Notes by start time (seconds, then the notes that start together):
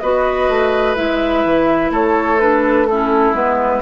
0.00 B3 F#4 B4 D#5
0.49 A3
0.96 G#3 E4 E5
1.45 E3
1.90 A3 A4 C#5
2.40 D4 B4
2.87 C#4 E4 A4
3.33 G#3 B3 B4